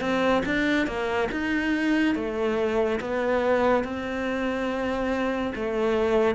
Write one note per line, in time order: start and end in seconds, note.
0.00 0.42 C4
0.45 0.86 D4
0.86 1.28 A#3
1.31 2.15 D#4
2.15 2.99 A3
3.00 3.84 B3
3.84 5.53 C4
5.55 6.35 A3